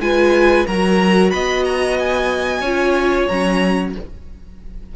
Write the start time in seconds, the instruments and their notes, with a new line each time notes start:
0.00 cello G#3, viola F4, violin B4 G#5
0.67 cello F#3, viola F#4, violin A#4 A#5
1.30 cello B3, violin D#5 B5
1.64 violin A#5
1.99 violin G#5
2.61 cello C#4, viola F4, violin C#5
3.27 cello F#3, viola C#4, violin A#5